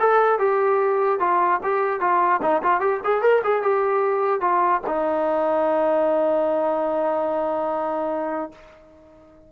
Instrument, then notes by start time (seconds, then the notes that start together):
trombone
0.00 A4
0.39 G4
1.20 F4
1.63 G4
2.00 F4
2.42 D#4
2.63 F4
2.80 G4
3.04 G#4
3.22 A#4
3.44 G#4
3.62 G4
4.41 F4
4.87 D#4